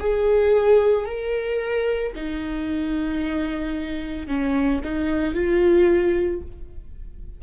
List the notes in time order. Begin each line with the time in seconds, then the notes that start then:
0.00 G#4
1.06 A#4
2.16 D#4
4.28 C#4
4.84 D#4
5.35 F4